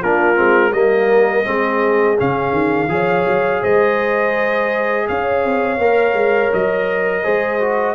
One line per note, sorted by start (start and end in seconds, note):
0.00 0.39 A#3
0.00 0.36 D4
0.00 0.72 F4
0.00 0.73 A#4
0.36 0.73 G#3
0.36 0.72 C4
0.73 1.45 G3
0.73 1.45 A#3
0.73 1.46 A#4
0.73 2.18 D#5
1.45 2.19 G#3
1.45 2.17 C4
1.45 2.91 G#4
2.18 2.53 C#3
2.18 2.89 C#4
2.18 3.63 F5
2.53 2.88 D#3
2.88 3.25 F3
2.88 5.78 G#4
2.88 3.62 C#5
3.27 3.63 F#3
3.62 5.08 G#3
3.62 5.07 C5
3.62 5.08 D#5
5.08 5.44 C#4
5.08 7.24 C#5
5.08 6.53 F5
5.44 5.78 C4
5.78 6.14 A#3
5.78 7.24 A#4
6.14 6.50 G#3
6.54 7.26 F#3
6.54 7.95 D#5
7.24 7.95 G#3
7.24 7.60 G#4
7.24 7.95 C5
7.60 7.95 F#4